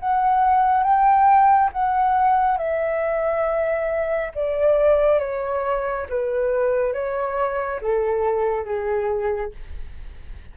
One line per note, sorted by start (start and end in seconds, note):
0.00 0.83 F#5
0.83 1.70 G5
1.73 2.58 F#5
2.58 4.32 E5
4.35 5.20 D5
5.20 6.07 C#5
6.10 6.94 B4
6.94 7.81 C#5
7.81 8.65 A4
8.65 9.52 G#4